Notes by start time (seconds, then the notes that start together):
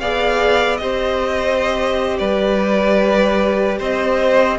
0.00 B3 G#4 D5 F5
0.77 C4 G4 C5 D#5
2.19 G3 B4 D5
3.79 C4 C5 D#5